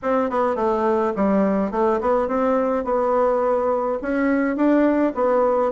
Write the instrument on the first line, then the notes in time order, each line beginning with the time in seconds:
bassoon
0.02 C4
0.29 B3
0.55 A3
1.16 G3
1.71 A3
2.01 B3
2.28 C4
2.84 B3
4.02 C#4
4.56 D4
5.14 B3